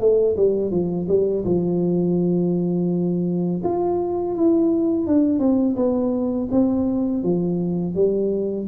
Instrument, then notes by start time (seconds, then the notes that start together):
tuba
0.00 A3
0.36 G3
0.71 F3
1.08 G3
1.45 F3
3.63 F4
4.35 E4
5.07 D4
5.39 C4
5.76 B3
6.51 C4
7.23 F3
7.95 G3